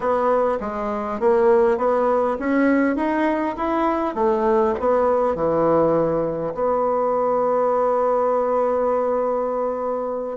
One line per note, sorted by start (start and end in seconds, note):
0.00 0.58 B3
0.60 1.20 G#3
1.20 1.77 A#3
1.77 2.37 B3
2.39 2.96 C#4
2.96 3.55 D#4
3.56 4.14 E4
4.14 4.74 A3
4.79 5.35 B3
5.35 6.53 E3
6.54 10.37 B3